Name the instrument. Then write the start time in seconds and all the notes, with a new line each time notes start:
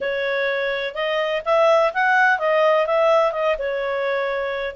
clarinet
0.00 C#5
0.94 D#5
1.45 E5
1.93 F#5
2.39 D#5
2.86 E5
3.32 D#5
3.58 C#5